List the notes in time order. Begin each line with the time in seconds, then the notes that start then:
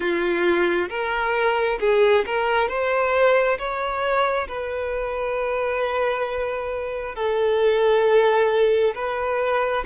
0.00 F4
0.89 A#4
1.80 G#4
2.26 A#4
2.68 C5
3.58 C#5
4.48 B4
7.15 A4
8.95 B4